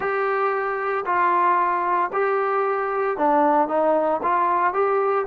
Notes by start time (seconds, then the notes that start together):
0.00 G4
1.05 F4
2.12 G4
3.17 D4
3.68 D#4
4.22 F4
4.73 G4